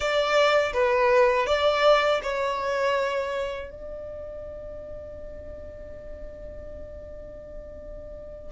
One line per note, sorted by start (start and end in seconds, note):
0.00 0.72 D5
0.73 1.46 B4
1.46 2.20 D5
2.22 3.70 C#5
3.70 8.52 D5